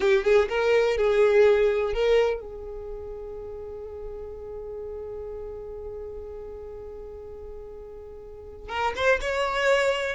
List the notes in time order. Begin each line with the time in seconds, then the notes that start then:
0.00 G4
0.24 G#4
0.48 A#4
0.97 G#4
1.93 A#4
2.40 G#4
8.69 A#4
8.95 C5
9.20 C#5